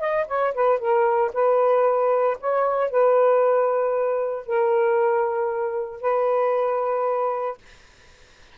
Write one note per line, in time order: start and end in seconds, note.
0.00 0.26 D#5
0.28 0.54 C#5
0.54 0.79 B4
0.79 1.31 A#4
1.33 2.37 B4
2.40 2.91 C#5
2.91 4.46 B4
4.46 6.01 A#4
6.01 7.57 B4